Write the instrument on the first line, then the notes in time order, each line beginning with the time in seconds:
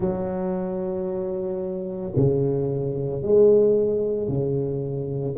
tuba
0.00 F#3
2.16 C#3
3.22 G#3
4.28 C#3